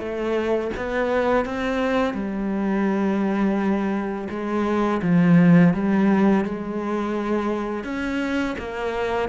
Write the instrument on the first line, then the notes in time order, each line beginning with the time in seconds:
cello
0.00 A3
0.77 B3
1.46 C4
2.15 G3
4.31 G#3
5.03 F3
5.74 G3
6.45 G#3
7.85 C#4
8.59 A#3